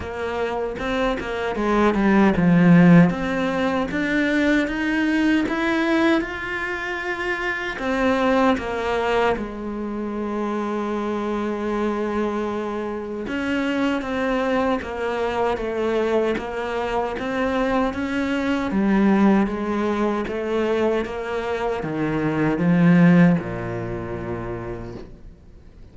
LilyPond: \new Staff \with { instrumentName = "cello" } { \time 4/4 \tempo 4 = 77 ais4 c'8 ais8 gis8 g8 f4 | c'4 d'4 dis'4 e'4 | f'2 c'4 ais4 | gis1~ |
gis4 cis'4 c'4 ais4 | a4 ais4 c'4 cis'4 | g4 gis4 a4 ais4 | dis4 f4 ais,2 | }